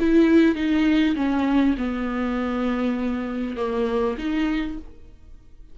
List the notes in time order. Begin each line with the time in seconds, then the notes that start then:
0.00 E4
0.56 D#4
1.16 C#4
1.78 B3
3.57 A#3
4.18 D#4